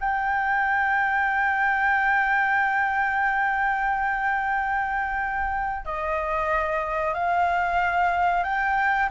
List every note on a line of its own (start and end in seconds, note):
0.00 5.85 G5
5.85 7.14 D#5
7.14 8.44 F5
8.44 9.09 G5